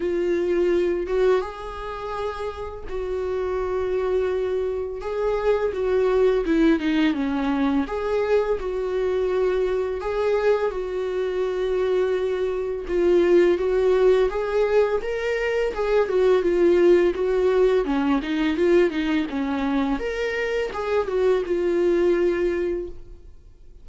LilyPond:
\new Staff \with { instrumentName = "viola" } { \time 4/4 \tempo 4 = 84 f'4. fis'8 gis'2 | fis'2. gis'4 | fis'4 e'8 dis'8 cis'4 gis'4 | fis'2 gis'4 fis'4~ |
fis'2 f'4 fis'4 | gis'4 ais'4 gis'8 fis'8 f'4 | fis'4 cis'8 dis'8 f'8 dis'8 cis'4 | ais'4 gis'8 fis'8 f'2 | }